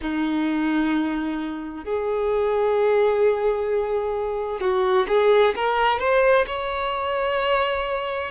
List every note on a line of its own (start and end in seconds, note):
0.01 1.84 D#4
1.84 4.60 G#4
4.60 5.06 F#4
5.08 5.54 G#4
5.55 5.99 A#4
5.99 6.45 C5
6.47 8.31 C#5